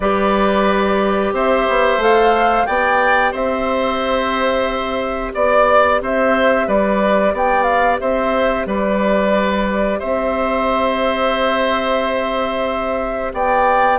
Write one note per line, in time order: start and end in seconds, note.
0.00 1.32 G3
0.00 2.00 G4
0.00 1.33 B4
0.00 1.33 D5
1.32 1.66 C4
1.32 2.67 C5
1.32 2.02 E5
1.68 1.97 B3
1.97 2.64 A3
1.97 2.67 A4
1.97 2.66 F5
2.66 3.32 B3
2.66 13.99 G4
2.66 3.32 D5
2.66 3.32 G5
3.32 5.32 C4
3.32 5.32 C5
3.32 5.34 E5
5.34 6.01 B3
5.34 6.01 D5
6.01 6.67 C4
6.01 6.67 C5
6.01 6.68 E5
6.67 7.32 G3
6.67 7.34 B4
6.67 7.35 D5
7.32 7.99 B3
7.32 8.00 D5
7.32 7.63 G5
7.63 7.96 F5
8.00 8.65 C4
8.00 8.66 C5
8.00 8.66 E5
8.65 9.99 G3
8.65 9.99 B4
8.65 9.99 D5
9.99 13.33 C4
9.99 13.32 C5
9.99 13.32 E5
13.33 13.99 B3
13.33 13.99 D5
13.33 13.99 G5